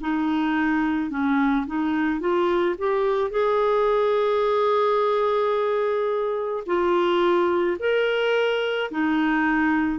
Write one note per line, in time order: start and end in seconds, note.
0.00 1.10 D#4
1.10 1.66 C#4
1.66 2.20 D#4
2.20 2.75 F4
2.78 3.30 G4
3.30 6.63 G#4
6.66 7.77 F4
7.79 8.90 A#4
8.90 9.98 D#4